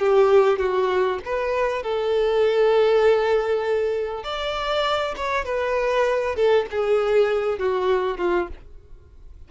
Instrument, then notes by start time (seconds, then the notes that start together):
violin
0.00 G4
0.59 F#4
1.25 B4
1.83 A4
4.24 D5
5.17 C#5
5.45 B4
6.36 A4
6.71 G#4
7.59 F#4
8.18 F4